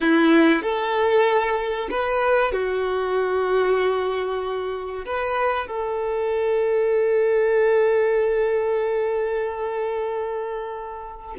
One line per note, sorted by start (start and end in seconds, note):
0.01 0.62 E4
0.62 1.88 A4
1.90 2.52 B4
2.52 5.05 F#4
5.05 5.67 B4
5.67 11.35 A4